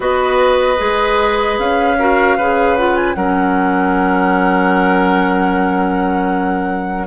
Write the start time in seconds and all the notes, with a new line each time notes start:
0.00 B3 F#4 B4 D#5
0.77 G#3 G#4
1.58 C#4 F5
1.98 F#4 A#4
2.37 C#3 G#4 B4
2.76 F4 F#5
2.95 G#5
3.14 F#3 C#4 A#4 F#5